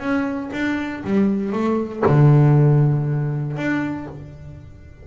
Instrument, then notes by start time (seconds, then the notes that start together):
double bass
0.00 C#4
0.53 D4
1.05 G3
1.53 A3
2.06 D3
3.57 D4